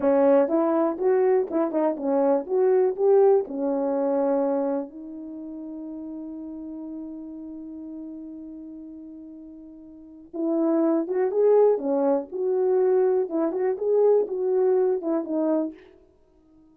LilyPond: \new Staff \with { instrumentName = "horn" } { \time 4/4 \tempo 4 = 122 cis'4 e'4 fis'4 e'8 dis'8 | cis'4 fis'4 g'4 cis'4~ | cis'2 dis'2~ | dis'1~ |
dis'1~ | dis'4 e'4. fis'8 gis'4 | cis'4 fis'2 e'8 fis'8 | gis'4 fis'4. e'8 dis'4 | }